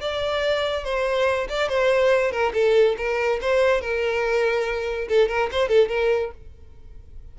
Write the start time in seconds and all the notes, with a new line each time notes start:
0.00 D5
0.84 C5
1.49 D5
1.68 C5
2.31 A#4
2.54 A4
2.97 A#4
3.41 C5
3.81 A#4
5.08 A4
5.28 A#4
5.51 C5
5.68 A4
5.88 A#4